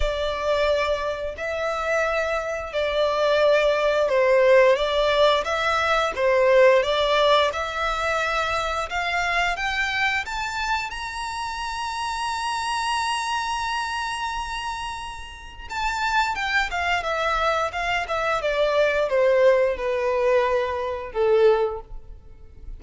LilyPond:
\new Staff \with { instrumentName = "violin" } { \time 4/4 \tempo 4 = 88 d''2 e''2 | d''2 c''4 d''4 | e''4 c''4 d''4 e''4~ | e''4 f''4 g''4 a''4 |
ais''1~ | ais''2. a''4 | g''8 f''8 e''4 f''8 e''8 d''4 | c''4 b'2 a'4 | }